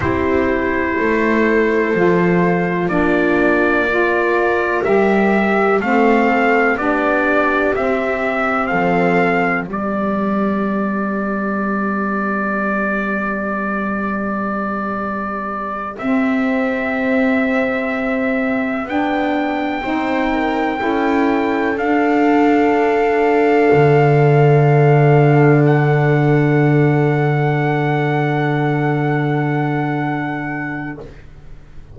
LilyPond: <<
  \new Staff \with { instrumentName = "trumpet" } { \time 4/4 \tempo 4 = 62 c''2. d''4~ | d''4 e''4 f''4 d''4 | e''4 f''4 d''2~ | d''1~ |
d''8 e''2. g''8~ | g''2~ g''8 f''4.~ | f''2~ f''8 fis''4.~ | fis''1 | }
  \new Staff \with { instrumentName = "viola" } { \time 4/4 g'4 a'2 f'4 | ais'2 a'4 g'4~ | g'4 a'4 g'2~ | g'1~ |
g'1~ | g'8 c''8 ais'8 a'2~ a'8~ | a'1~ | a'1 | }
  \new Staff \with { instrumentName = "saxophone" } { \time 4/4 e'2 f'4 d'4 | f'4 g'4 c'4 d'4 | c'2 b2~ | b1~ |
b8 c'2. d'8~ | d'8 dis'4 e'4 d'4.~ | d'1~ | d'1 | }
  \new Staff \with { instrumentName = "double bass" } { \time 4/4 c'4 a4 f4 ais4~ | ais4 g4 a4 b4 | c'4 f4 g2~ | g1~ |
g8 c'2. b8~ | b8 c'4 cis'4 d'4.~ | d'8 d2.~ d8~ | d1 | }
>>